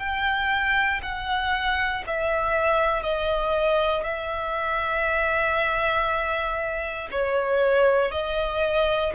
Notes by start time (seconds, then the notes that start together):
0.00 G5
1.03 F#5
2.07 E5
3.03 D#5
4.04 E5
7.12 C#5
8.12 D#5